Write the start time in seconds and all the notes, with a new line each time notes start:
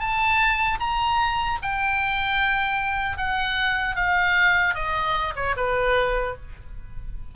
0.00 A5
0.80 A#5
1.62 G5
3.17 F#5
3.96 F5
4.74 D#5
5.36 C#5
5.57 B4